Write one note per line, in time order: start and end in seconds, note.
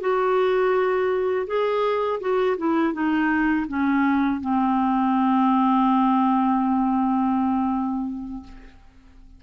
0.00 1.46 F#4
1.46 2.20 G#4
2.20 2.56 F#4
2.57 2.93 E4
2.93 3.66 D#4
3.67 4.40 C#4
4.40 8.43 C4